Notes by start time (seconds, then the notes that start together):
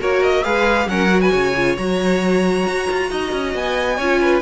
0.00 A#3 F#4 A#4 C#5
0.24 D#5
0.44 G#3 G#4 B4 F5
0.87 F#3 C#4 A#4 F#5
1.09 F#4
1.21 B4 G#5
1.32 C#3 C#5
1.57 F4
1.77 F#3 F#4 A#5
2.67 F#4
2.91 F4
3.11 D#4 D#5
3.32 C#4
3.54 B3 G#5
3.97 C#4 F4 C#5
4.22 B4